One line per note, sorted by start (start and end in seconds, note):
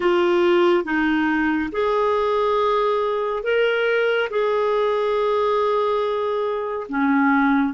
0.00 0.84 F4
0.84 1.69 D#4
1.71 3.43 G#4
3.43 4.29 A#4
4.30 6.87 G#4
6.88 7.73 C#4